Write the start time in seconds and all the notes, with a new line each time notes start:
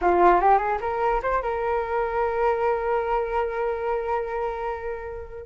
0.01 F4
0.40 G4
0.58 G#4
0.80 A#4
1.22 C5
1.42 A#4